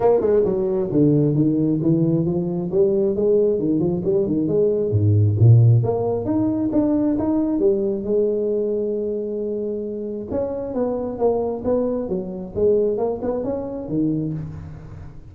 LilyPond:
\new Staff \with { instrumentName = "tuba" } { \time 4/4 \tempo 4 = 134 ais8 gis8 fis4 d4 dis4 | e4 f4 g4 gis4 | dis8 f8 g8 dis8 gis4 gis,4 | ais,4 ais4 dis'4 d'4 |
dis'4 g4 gis2~ | gis2. cis'4 | b4 ais4 b4 fis4 | gis4 ais8 b8 cis'4 dis4 | }